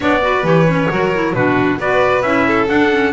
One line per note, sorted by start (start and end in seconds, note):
0.00 0.43 B3
0.00 0.20 D4
0.00 0.22 C#5
0.00 0.46 D5
0.21 0.44 F#4
0.21 0.90 B4
0.43 0.88 E3
0.43 0.66 G4
0.43 1.34 C#5
0.67 0.90 C#4
0.90 1.33 F#3
0.90 1.12 F#4
0.90 1.35 A#4
1.13 1.35 E4
1.33 1.78 B2
1.33 1.80 D4
1.33 1.79 F#4
1.33 1.79 B4
1.78 2.22 B3
1.78 2.24 F#4
1.78 2.46 B4
1.78 2.21 D5
2.21 2.67 C#4
2.21 2.68 E4
2.21 2.66 E5
2.47 3.12 A4
2.68 2.90 D4
2.68 3.12 D4
2.68 3.12 F#5
2.91 3.12 C#4